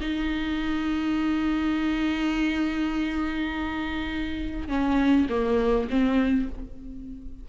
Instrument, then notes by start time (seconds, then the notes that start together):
viola
0.00 D#4
4.68 C#4
5.29 A#3
5.90 C4